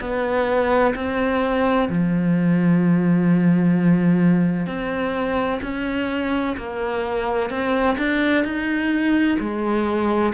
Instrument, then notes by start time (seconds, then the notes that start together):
cello
0.00 B3
0.95 C4
1.89 F3
4.66 C4
5.62 C#4
6.57 A#3
7.50 C4
7.98 D4
8.44 D#4
9.39 G#3